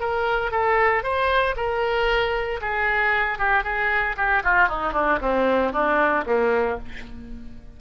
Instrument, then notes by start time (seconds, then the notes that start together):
oboe
0.00 A#4
0.51 A4
1.03 C5
1.56 A#4
2.61 G#4
3.38 G4
3.64 G#4
4.16 G4
4.43 F4
4.68 D#4
4.93 D4
5.21 C4
5.72 D4
6.26 A#3